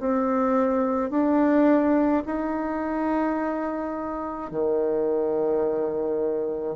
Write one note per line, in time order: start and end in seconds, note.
0.00 1.10 C4
1.10 2.23 D4
2.26 4.51 D#4
4.51 6.76 D#3